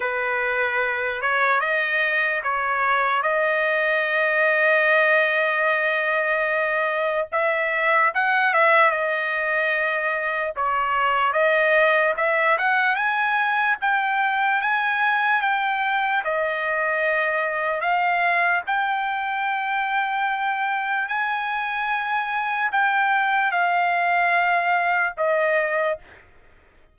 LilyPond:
\new Staff \with { instrumentName = "trumpet" } { \time 4/4 \tempo 4 = 74 b'4. cis''8 dis''4 cis''4 | dis''1~ | dis''4 e''4 fis''8 e''8 dis''4~ | dis''4 cis''4 dis''4 e''8 fis''8 |
gis''4 g''4 gis''4 g''4 | dis''2 f''4 g''4~ | g''2 gis''2 | g''4 f''2 dis''4 | }